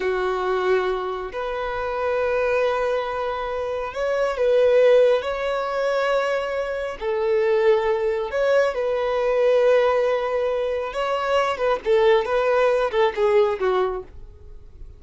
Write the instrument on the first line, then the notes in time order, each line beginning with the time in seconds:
violin
0.00 F#4
1.32 B4
3.93 C#5
4.37 B4
5.22 C#5
6.99 A4
8.30 C#5
8.74 B4
10.93 C#5
11.57 B4
11.84 A4
12.25 B4
12.91 A4
13.15 G#4
13.59 F#4